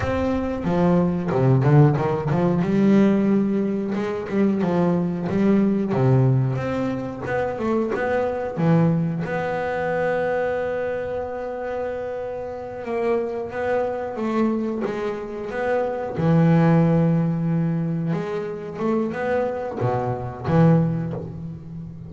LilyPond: \new Staff \with { instrumentName = "double bass" } { \time 4/4 \tempo 4 = 91 c'4 f4 c8 d8 dis8 f8 | g2 gis8 g8 f4 | g4 c4 c'4 b8 a8 | b4 e4 b2~ |
b2.~ b8 ais8~ | ais8 b4 a4 gis4 b8~ | b8 e2. gis8~ | gis8 a8 b4 b,4 e4 | }